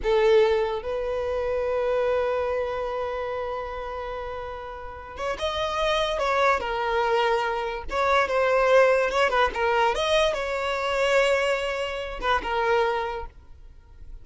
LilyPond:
\new Staff \with { instrumentName = "violin" } { \time 4/4 \tempo 4 = 145 a'2 b'2~ | b'1~ | b'1~ | b'8 cis''8 dis''2 cis''4 |
ais'2. cis''4 | c''2 cis''8 b'8 ais'4 | dis''4 cis''2.~ | cis''4. b'8 ais'2 | }